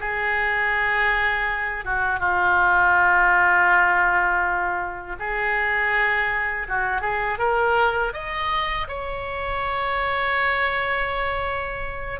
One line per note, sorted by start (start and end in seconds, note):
0.00 1.85 G#4
1.85 2.20 F#4
2.20 5.16 F4
5.19 6.67 G#4
6.68 7.01 F#4
7.01 7.38 G#4
7.38 8.12 A#4
8.13 8.87 D#5
8.88 12.20 C#5